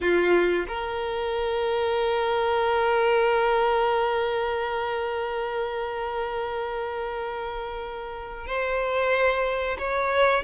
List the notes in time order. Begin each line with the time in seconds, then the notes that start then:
0.00 F4
0.68 A#4
8.46 C5
9.78 C#5